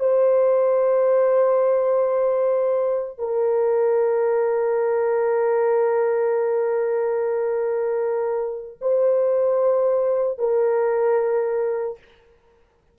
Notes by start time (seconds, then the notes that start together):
0.00 C5
3.19 A#4
8.82 C5
10.39 A#4